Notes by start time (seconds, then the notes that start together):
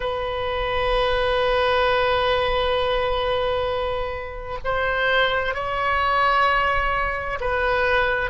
0.00 B4
4.64 C5
5.54 C#5
7.40 B4